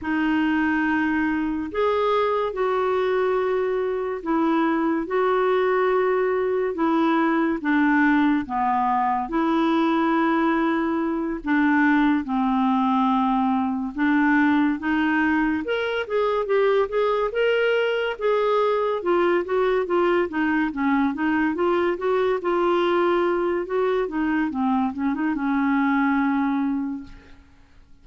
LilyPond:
\new Staff \with { instrumentName = "clarinet" } { \time 4/4 \tempo 4 = 71 dis'2 gis'4 fis'4~ | fis'4 e'4 fis'2 | e'4 d'4 b4 e'4~ | e'4. d'4 c'4.~ |
c'8 d'4 dis'4 ais'8 gis'8 g'8 | gis'8 ais'4 gis'4 f'8 fis'8 f'8 | dis'8 cis'8 dis'8 f'8 fis'8 f'4. | fis'8 dis'8 c'8 cis'16 dis'16 cis'2 | }